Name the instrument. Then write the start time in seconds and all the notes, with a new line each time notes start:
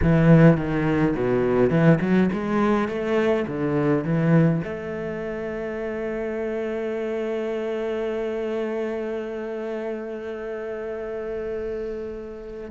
cello
0.02 E3
0.57 D#3
1.15 B2
1.69 E3
2.00 F#3
2.32 G#3
2.88 A3
3.47 D3
4.04 E3
4.63 A3